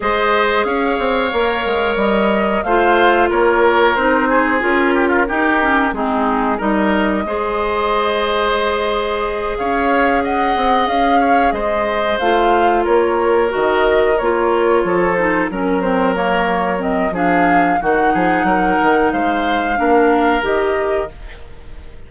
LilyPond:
<<
  \new Staff \with { instrumentName = "flute" } { \time 4/4 \tempo 4 = 91 dis''4 f''2 dis''4 | f''4 cis''4 c''4 ais'4~ | ais'4 gis'4 dis''2~ | dis''2~ dis''8 f''4 fis''8~ |
fis''8 f''4 dis''4 f''4 cis''8~ | cis''8 dis''4 cis''4. c''8 ais'8 | c''8 cis''4 dis''8 f''4 fis''4~ | fis''4 f''2 dis''4 | }
  \new Staff \with { instrumentName = "oboe" } { \time 4/4 c''4 cis''2. | c''4 ais'4. gis'4 g'16 f'16 | g'4 dis'4 ais'4 c''4~ | c''2~ c''8 cis''4 dis''8~ |
dis''4 cis''8 c''2 ais'8~ | ais'2~ ais'8 a'4 ais'8~ | ais'2 gis'4 fis'8 gis'8 | ais'4 c''4 ais'2 | }
  \new Staff \with { instrumentName = "clarinet" } { \time 4/4 gis'2 ais'2 | f'2 dis'4 f'4 | dis'8 cis'8 c'4 dis'4 gis'4~ | gis'1~ |
gis'2~ gis'8 f'4.~ | f'8 fis'4 f'4. dis'8 cis'8 | c'8 ais4 c'8 d'4 dis'4~ | dis'2 d'4 g'4 | }
  \new Staff \with { instrumentName = "bassoon" } { \time 4/4 gis4 cis'8 c'8 ais8 gis8 g4 | a4 ais4 c'4 cis'4 | dis'4 gis4 g4 gis4~ | gis2~ gis8 cis'4. |
c'8 cis'4 gis4 a4 ais8~ | ais8 dis4 ais4 f4 fis8~ | fis2 f4 dis8 f8 | fis8 dis8 gis4 ais4 dis4 | }
>>